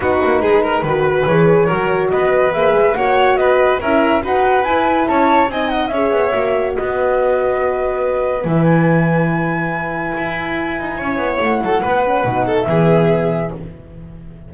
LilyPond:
<<
  \new Staff \with { instrumentName = "flute" } { \time 4/4 \tempo 4 = 142 b'2. cis''4~ | cis''4 dis''4 e''4 fis''4 | dis''4 e''4 fis''4 gis''4 | a''4 gis''8 fis''8 e''2 |
dis''1 | e''8 gis''2.~ gis''8~ | gis''2. fis''4~ | fis''4.~ fis''16 e''2~ e''16 | }
  \new Staff \with { instrumentName = "violin" } { \time 4/4 fis'4 gis'8 ais'8 b'2 | ais'4 b'2 cis''4 | b'4 ais'4 b'2 | cis''4 dis''4 cis''2 |
b'1~ | b'1~ | b'2 cis''4. a'8 | b'4. a'8 gis'2 | }
  \new Staff \with { instrumentName = "horn" } { \time 4/4 dis'2 fis'4 gis'4 | fis'2 gis'4 fis'4~ | fis'4 e'4 fis'4 e'4~ | e'4 dis'4 gis'4 fis'4~ |
fis'1 | e'1~ | e'1~ | e'8 cis'8 dis'4 b2 | }
  \new Staff \with { instrumentName = "double bass" } { \time 4/4 b8 ais8 gis4 dis4 e4 | fis4 b4 ais8 gis8 ais4 | b4 cis'4 dis'4 e'4 | cis'4 c'4 cis'8 b8 ais4 |
b1 | e1 | e'4. dis'8 cis'8 b8 a8 fis8 | b4 b,4 e2 | }
>>